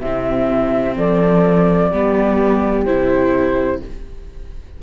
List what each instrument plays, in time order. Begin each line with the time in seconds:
0.00 cello C3, viola C4, horn E4, flute E5
0.96 cello F3, horn A4, flute D5
1.91 cello G3, viola B3, horn G4
2.85 cello C3, viola E4, flute C5